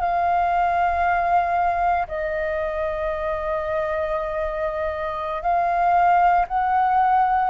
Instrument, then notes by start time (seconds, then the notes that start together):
flute
0.00 F5
2.07 D#5
5.42 F5
6.47 F#5